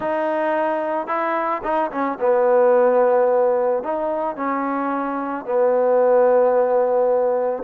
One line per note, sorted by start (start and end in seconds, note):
0.00 1.07 D#4
1.07 1.61 E4
1.63 1.90 D#4
1.91 2.18 C#4
2.20 3.83 B3
3.83 4.36 D#4
4.36 5.45 C#4
5.45 7.63 B3